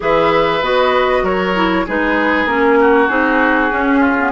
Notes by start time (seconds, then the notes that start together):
0.00 E3 G#4 B4 E5
0.61 B3 F#4 D#5
1.22 F#3 A#4 C#5
1.54 E4
1.86 G#3 D#4 G#4 B4
2.45 A#3 C#4 A#4
2.80 F#4
3.08 C4 D#4 G#4
3.70 C#4
4.00 F4
4.18 B3